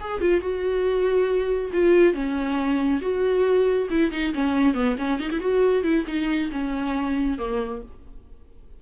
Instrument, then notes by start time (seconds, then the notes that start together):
viola
0.00 G#4
0.21 F4
0.40 F#4
1.73 F4
2.13 C#4
3.01 F#4
3.90 E4
4.11 D#4
4.34 C#4
4.74 B3
4.98 C#4
5.20 D#4
5.31 E4
5.40 F#4
5.83 E4
6.07 D#4
6.51 C#4
7.38 A#3